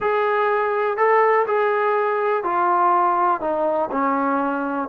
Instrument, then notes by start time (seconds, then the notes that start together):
trombone
0.00 G#4
0.97 A4
1.47 G#4
2.43 F4
3.41 D#4
3.91 C#4